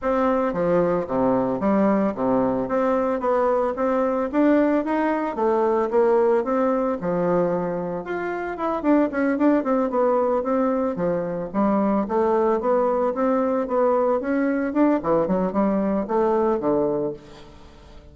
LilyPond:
\new Staff \with { instrumentName = "bassoon" } { \time 4/4 \tempo 4 = 112 c'4 f4 c4 g4 | c4 c'4 b4 c'4 | d'4 dis'4 a4 ais4 | c'4 f2 f'4 |
e'8 d'8 cis'8 d'8 c'8 b4 c'8~ | c'8 f4 g4 a4 b8~ | b8 c'4 b4 cis'4 d'8 | e8 fis8 g4 a4 d4 | }